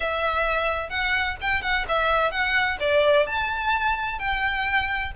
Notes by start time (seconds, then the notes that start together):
0.00 E5
0.89 F#5
1.41 G5
1.62 F#5
1.88 E5
2.31 F#5
2.79 D5
3.26 A5
4.18 G5